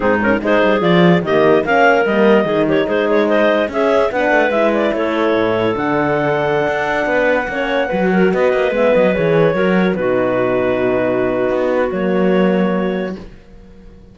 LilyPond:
<<
  \new Staff \with { instrumentName = "clarinet" } { \time 4/4 \tempo 4 = 146 gis'8 ais'8 c''4 d''4 dis''4 | f''4 dis''4. cis''8 c''8 cis''8 | dis''4 e''4 fis''4 e''8 d''8 | cis''2 fis''2~ |
fis''1~ | fis''16 dis''4 e''8 dis''8 cis''4.~ cis''16~ | cis''16 b'2.~ b'8.~ | b'4 cis''2. | }
  \new Staff \with { instrumentName = "clarinet" } { \time 4/4 dis'4 gis'2 g'4 | ais'2 gis'8 g'8 gis'4 | c''4 gis'4 b'2 | a'1~ |
a'4~ a'16 b'4 cis''4 b'8 ais'16~ | ais'16 b'2. ais'8.~ | ais'16 fis'2.~ fis'8.~ | fis'1 | }
  \new Staff \with { instrumentName = "horn" } { \time 4/4 c'8 cis'8 dis'4 f'4 ais4 | cis'4 ais4 dis'2~ | dis'4 cis'4 d'4 e'4~ | e'2 d'2~ |
d'2~ d'16 cis'4 fis'8.~ | fis'4~ fis'16 b4 gis'4 fis'8.~ | fis'16 dis'2.~ dis'8.~ | dis'4 ais2. | }
  \new Staff \with { instrumentName = "cello" } { \time 4/4 gis,4 gis8 g8 f4 dis4 | ais4 g4 dis4 gis4~ | gis4 cis'4 b8 a8 gis4 | a4 a,4 d2~ |
d16 d'4 b4 ais4 fis8.~ | fis16 b8 ais8 gis8 fis8 e4 fis8.~ | fis16 b,2.~ b,8. | b4 fis2. | }
>>